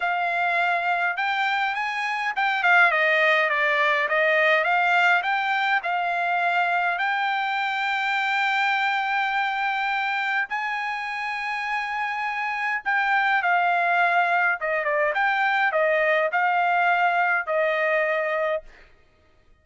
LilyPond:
\new Staff \with { instrumentName = "trumpet" } { \time 4/4 \tempo 4 = 103 f''2 g''4 gis''4 | g''8 f''8 dis''4 d''4 dis''4 | f''4 g''4 f''2 | g''1~ |
g''2 gis''2~ | gis''2 g''4 f''4~ | f''4 dis''8 d''8 g''4 dis''4 | f''2 dis''2 | }